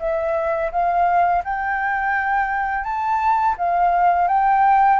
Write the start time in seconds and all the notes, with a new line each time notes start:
0.00 E5
0.72 F5
1.45 G5
2.84 A5
3.58 F5
4.29 G5